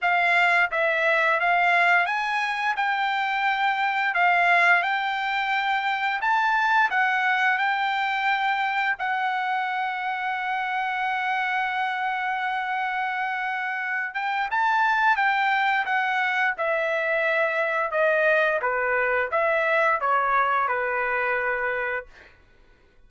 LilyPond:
\new Staff \with { instrumentName = "trumpet" } { \time 4/4 \tempo 4 = 87 f''4 e''4 f''4 gis''4 | g''2 f''4 g''4~ | g''4 a''4 fis''4 g''4~ | g''4 fis''2.~ |
fis''1~ | fis''8 g''8 a''4 g''4 fis''4 | e''2 dis''4 b'4 | e''4 cis''4 b'2 | }